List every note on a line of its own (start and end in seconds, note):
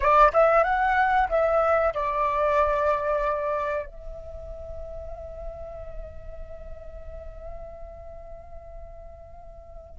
0.00 0.31 D5
0.33 0.63 E5
0.63 1.28 F#5
1.29 1.93 E5
1.94 3.86 D5
3.86 9.99 E5